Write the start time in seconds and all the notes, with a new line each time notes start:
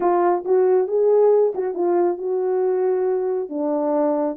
0.00 F4
0.44 F#4
0.87 G#4
1.54 F#4
1.74 F4
2.18 F#4
3.49 D4